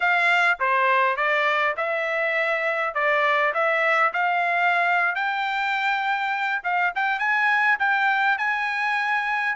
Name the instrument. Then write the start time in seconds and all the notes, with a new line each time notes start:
trumpet
0.00 F5
0.59 C5
1.16 D5
1.76 E5
2.94 D5
3.54 E5
4.13 F5
5.15 G5
6.63 F5
6.95 G5
7.19 G#5
7.79 G5
8.37 G#5